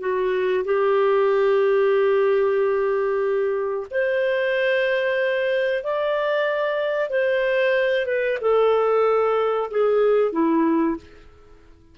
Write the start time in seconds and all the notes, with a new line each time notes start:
0.00 F#4
0.65 G4
3.91 C5
5.84 D5
7.10 C5
8.06 B4
8.42 A4
9.71 G#4
10.32 E4